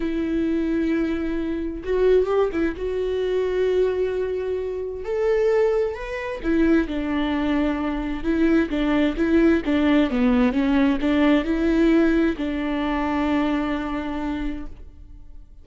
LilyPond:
\new Staff \with { instrumentName = "viola" } { \time 4/4 \tempo 4 = 131 e'1 | fis'4 g'8 e'8 fis'2~ | fis'2. a'4~ | a'4 b'4 e'4 d'4~ |
d'2 e'4 d'4 | e'4 d'4 b4 cis'4 | d'4 e'2 d'4~ | d'1 | }